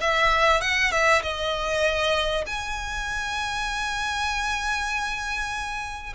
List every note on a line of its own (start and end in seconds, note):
0.00 0.61 E5
0.61 0.91 F#5
0.91 1.22 E5
1.22 2.44 D#5
2.46 6.13 G#5